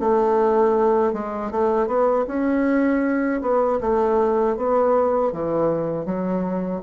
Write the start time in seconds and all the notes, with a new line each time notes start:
0.00 A3
1.13 G#3
1.51 A3
1.87 B3
2.28 C#4
3.41 B3
3.80 A3
4.57 B3
5.32 E3
6.06 F#3